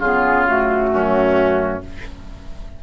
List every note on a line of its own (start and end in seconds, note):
0.00 0.90 C#3
0.00 0.47 B3
0.00 0.90 F4
0.00 0.45 G#4
0.47 1.82 A3
0.47 1.81 F#4
0.93 1.83 F#2
0.93 1.84 C#4